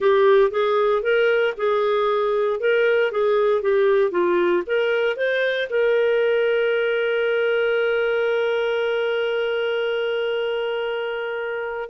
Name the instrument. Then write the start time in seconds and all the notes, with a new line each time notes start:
clarinet
0.00 G4
0.50 G#4
1.02 A#4
1.57 G#4
2.60 A#4
3.11 G#4
3.61 G4
4.11 F4
4.66 A#4
5.16 C5
5.69 A#4